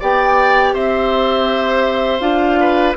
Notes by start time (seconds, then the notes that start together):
0.00 B3 G4 D5 G5
0.73 C4 C5 E5
2.20 D4 F4 F5
2.60 B4